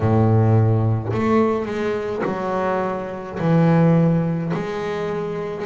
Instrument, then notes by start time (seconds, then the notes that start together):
double bass
0.00 A2
1.13 A3
1.65 G#3
2.25 F#3
3.39 E3
4.53 G#3